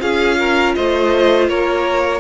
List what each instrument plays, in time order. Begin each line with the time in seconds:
0.00 cello C#4, viola F4, violin G#4 F5
0.39 violin A#4
0.75 cello A3, violin C5 D#5
1.49 cello A#3, violin A#4 C#5